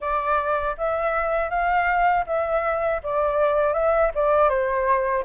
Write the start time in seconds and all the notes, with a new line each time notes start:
0.00 D5
0.77 E5
1.50 F5
2.26 E5
3.03 D5
3.73 E5
4.15 D5
4.49 C5